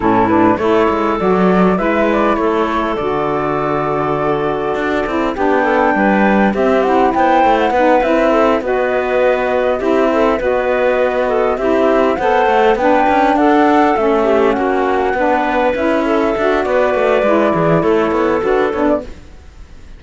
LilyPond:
<<
  \new Staff \with { instrumentName = "flute" } { \time 4/4 \tempo 4 = 101 a'8 b'8 cis''4 d''4 e''8 d''8 | cis''4 d''2.~ | d''4 g''2 e''8 fis''8 | g''8. fis''8. e''4 dis''4.~ |
dis''8 e''4 dis''2 e''8~ | e''8 fis''4 g''4 fis''4 e''8~ | e''8 fis''2 e''4. | d''2 cis''4 b'8 cis''16 d''16 | }
  \new Staff \with { instrumentName = "clarinet" } { \time 4/4 e'4 a'2 b'4 | a'1~ | a'4 g'8 a'8 b'4 g'4 | c''4 b'4 a'8 b'4.~ |
b'8 g'8 a'8 b'4. a'8 g'8~ | g'8 c''4 b'4 a'4. | g'8 fis'4 b'4. a'4 | b'4. gis'8 a'2 | }
  \new Staff \with { instrumentName = "saxophone" } { \time 4/4 cis'8 d'8 e'4 fis'4 e'4~ | e'4 fis'2.~ | fis'8 e'8 d'2 c'8 e'8~ | e'4 dis'8 e'4 fis'4.~ |
fis'8 e'4 fis'2 e'8~ | e'8 a'4 d'2 cis'8~ | cis'4. d'4 e'4 fis'8~ | fis'4 e'2 fis'8 d'8 | }
  \new Staff \with { instrumentName = "cello" } { \time 4/4 a,4 a8 gis8 fis4 gis4 | a4 d2. | d'8 c'8 b4 g4 c'4 | b8 a8 b8 c'4 b4.~ |
b8 c'4 b2 c'8~ | c'8 b8 a8 b8 cis'8 d'4 a8~ | a8 ais4 b4 cis'4 d'8 | b8 a8 gis8 e8 a8 b8 d'8 b8 | }
>>